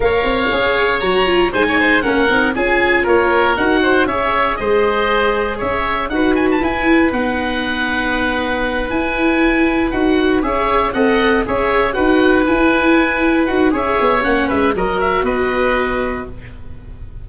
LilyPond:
<<
  \new Staff \with { instrumentName = "oboe" } { \time 4/4 \tempo 4 = 118 f''2 ais''4 gis''4 | fis''4 gis''4 cis''4 fis''4 | e''4 dis''2 e''4 | fis''8 gis''16 a''16 gis''4 fis''2~ |
fis''4. gis''2 fis''8~ | fis''8 e''4 fis''4 e''4 fis''8~ | fis''8 gis''2 fis''8 e''4 | fis''8 e''8 dis''8 e''8 dis''2 | }
  \new Staff \with { instrumentName = "oboe" } { \time 4/4 cis''2. c''16 cis''16 c''8 | ais'4 gis'4 ais'4. c''8 | cis''4 c''2 cis''4 | b'1~ |
b'1~ | b'8 cis''4 dis''4 cis''4 b'8~ | b'2. cis''4~ | cis''8 b'8 ais'4 b'2 | }
  \new Staff \with { instrumentName = "viola" } { \time 4/4 ais'4 gis'4 fis'8 f'8 dis'4 | cis'8 dis'8 f'2 fis'4 | gis'1 | fis'4 e'4 dis'2~ |
dis'4. e'2 fis'8~ | fis'8 gis'4 a'4 gis'4 fis'8~ | fis'8 e'2 fis'8 gis'4 | cis'4 fis'2. | }
  \new Staff \with { instrumentName = "tuba" } { \time 4/4 ais8 c'8 cis'4 fis4 gis4 | ais8 c'8 cis'4 ais4 dis'4 | cis'4 gis2 cis'4 | dis'4 e'4 b2~ |
b4. e'2 dis'8~ | dis'8 cis'4 c'4 cis'4 dis'8~ | dis'8 e'2 dis'8 cis'8 b8 | ais8 gis8 fis4 b2 | }
>>